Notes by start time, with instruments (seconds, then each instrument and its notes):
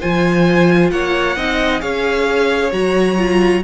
0.00 cello F3, viola F4, violin C5 G#5
0.91 cello A#3, violin C#5 F#5
1.37 cello C4, viola D#4, violin D#5
1.80 cello C#4, viola G#4, violin C#5 F5
2.72 cello F#3, viola F#4, violin A#5
3.18 viola F4